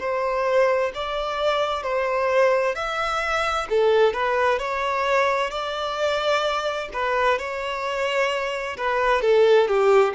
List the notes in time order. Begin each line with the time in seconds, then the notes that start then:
0.00 C5
0.95 D5
1.83 C5
2.76 E5
3.70 A4
4.14 B4
4.59 C#5
5.50 D5
6.94 B4
7.39 C#5
8.78 B4
9.22 A4
9.68 G4